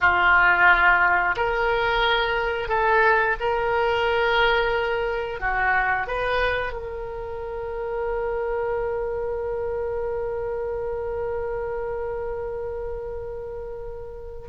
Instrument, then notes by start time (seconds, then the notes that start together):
oboe
0.00 F4
1.36 A#4
2.68 A4
3.40 A#4
5.39 F#4
6.07 B4
6.72 A#4